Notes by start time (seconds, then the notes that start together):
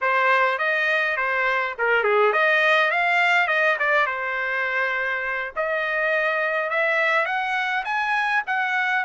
0.01 C5
0.58 D#5
1.16 C5
1.78 A#4
2.03 G#4
2.32 D#5
2.90 F5
3.47 D#5
3.79 D5
4.06 C5
5.56 D#5
6.70 E5
7.25 F#5
7.84 G#5
8.47 F#5